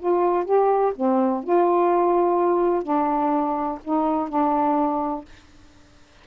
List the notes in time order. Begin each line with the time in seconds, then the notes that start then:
0.00 F4
0.45 G4
0.96 C4
1.44 F4
2.83 D4
3.85 D#4
4.29 D4